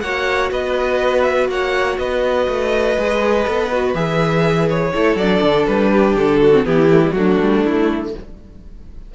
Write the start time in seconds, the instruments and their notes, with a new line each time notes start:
0.00 cello A#3, viola F#4, violin C#5 F#5
0.51 cello B3, violin B4 D#5
1.22 violin E5
1.48 cello A#3, violin C#5 F#5
1.98 cello B3, violin B4 D#5
2.47 cello A3
2.98 cello G#3, viola G#4
3.45 cello B3, viola A4
3.72 viola F#4
3.94 cello E3, viola G#4, violin E5
4.69 violin C#5
4.93 cello A3, viola E4, violin A4
5.15 cello F#3, viola D4, violin D5
5.41 cello D3
5.66 cello G3, violin B4
5.92 violin G4
6.15 cello D3, violin A4
6.41 violin F#4
6.53 viola C4
6.64 cello E3, viola B3, violin E4 G4
6.91 viola A3
7.01 viola G3
7.12 cello F#3, viola A3, violin D4 F#4
7.41 cello G3
7.65 cello A3, violin E4